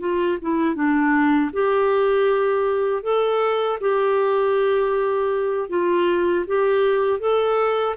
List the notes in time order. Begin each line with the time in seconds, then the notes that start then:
0.00 F4
0.41 E4
0.75 D4
1.53 G4
3.03 A4
3.80 G4
5.69 F4
6.47 G4
7.20 A4